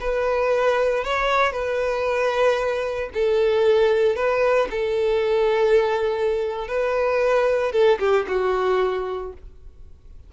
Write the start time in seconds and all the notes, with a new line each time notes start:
0.00 B4
1.04 C#5
1.52 B4
3.14 A4
4.16 B4
4.71 A4
6.68 B4
7.72 A4
7.99 G4
8.28 F#4